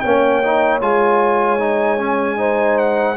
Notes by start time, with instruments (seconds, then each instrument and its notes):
0.00 tuba A#3, trombone C#4, horn C#5, trumpet G5
0.44 trombone D#4
0.81 tuba G#3, trombone F4, trumpet G#5
1.60 trombone D#4
1.98 trombone C#4
2.37 trombone D#4, horn C5
2.79 trumpet F#5